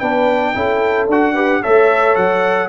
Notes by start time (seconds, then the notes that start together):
0.00 B3 D4 B4 G5
0.55 C#4 E4 A4
1.08 D4 F#4 F#5
1.34 G4 B4
1.62 A3 A4 C#5 E5
2.16 F#3 F#5